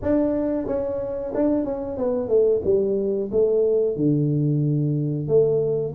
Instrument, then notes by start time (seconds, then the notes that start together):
tuba
0.02 D4
0.67 C#4
1.34 D4
1.65 C#4
1.97 B3
2.28 A3
2.64 G3
3.31 A3
3.96 D3
5.28 A3